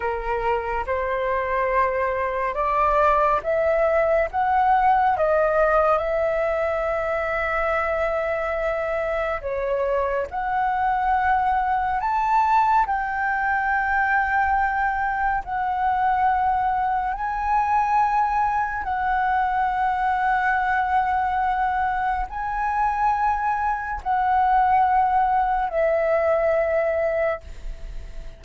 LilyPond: \new Staff \with { instrumentName = "flute" } { \time 4/4 \tempo 4 = 70 ais'4 c''2 d''4 | e''4 fis''4 dis''4 e''4~ | e''2. cis''4 | fis''2 a''4 g''4~ |
g''2 fis''2 | gis''2 fis''2~ | fis''2 gis''2 | fis''2 e''2 | }